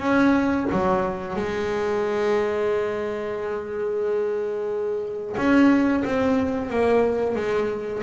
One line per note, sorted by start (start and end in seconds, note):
0.00 0.67 C#4
0.72 1.36 F#3
1.36 5.36 G#3
5.37 6.04 C#4
6.05 6.70 C4
6.70 7.35 A#3
7.35 8.02 G#3